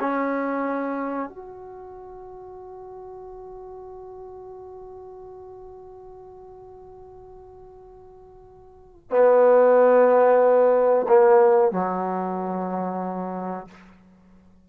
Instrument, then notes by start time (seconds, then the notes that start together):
trombone
0.00 C#4
1.29 F#4
9.11 B3
11.08 A#3
11.72 F#3